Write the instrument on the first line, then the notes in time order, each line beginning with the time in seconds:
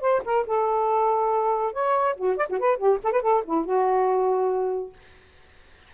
saxophone
0.00 C5
0.25 A#4
0.46 A4
1.73 C#5
2.16 F#4
2.36 D5
2.49 F#4
2.59 B4
2.77 G4
3.03 A4
3.12 B4
3.22 A4
3.44 E4
3.65 F#4